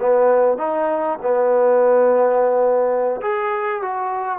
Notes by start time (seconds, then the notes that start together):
0.00 B3
0.58 D#4
1.22 B3
3.21 G#4
3.82 F#4